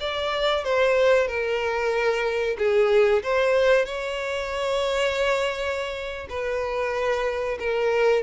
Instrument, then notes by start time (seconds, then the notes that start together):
violin
0.00 D5
0.64 C5
1.27 A#4
2.58 G#4
3.23 C5
3.85 C#5
6.29 B4
7.59 A#4